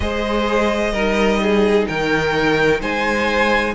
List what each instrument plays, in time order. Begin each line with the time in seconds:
0.00 cello G#3, viola G#4, violin C5 D#5
0.92 cello G3, viola D#4, violin A#4
1.42 violin G#4
1.87 cello D#3, violin A#4 G5
2.80 cello G#3, violin C5 G#5